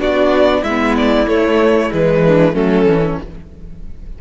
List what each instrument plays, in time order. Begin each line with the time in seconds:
0.00 cello B3, viola D4, violin F#4 D5
0.62 cello G#3, violin E4 E5
0.69 viola B3
0.97 violin D5
1.28 cello A3, viola A3, violin C#5
1.92 cello E3, viola G#3, violin B4
2.26 violin D4
2.54 cello F#3, viola A3, violin C#4 A4
2.86 cello E3, viola C#4